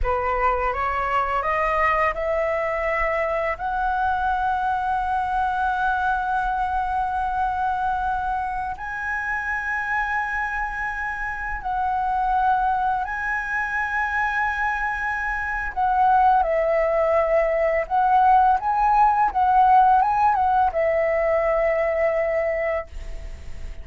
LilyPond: \new Staff \with { instrumentName = "flute" } { \time 4/4 \tempo 4 = 84 b'4 cis''4 dis''4 e''4~ | e''4 fis''2.~ | fis''1~ | fis''16 gis''2.~ gis''8.~ |
gis''16 fis''2 gis''4.~ gis''16~ | gis''2 fis''4 e''4~ | e''4 fis''4 gis''4 fis''4 | gis''8 fis''8 e''2. | }